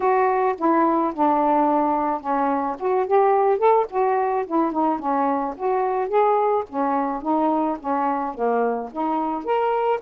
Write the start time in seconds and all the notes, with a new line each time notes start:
0.00 F#4
0.58 E4
1.14 D4
2.20 C#4
2.79 F#4
3.06 G4
3.58 A4
3.89 F#4
4.46 E4
4.72 D#4
4.99 C#4
5.56 F#4
6.08 G#4
6.69 C#4
7.22 D#4
7.79 C#4
8.34 A#3
8.92 D#4
9.44 A#4